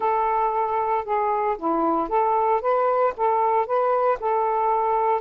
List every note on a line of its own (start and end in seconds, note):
0.00 1.04 A4
1.04 1.57 G#4
1.58 2.09 E4
2.09 2.61 A4
2.61 3.13 B4
3.17 3.66 A4
3.66 4.18 B4
4.20 5.21 A4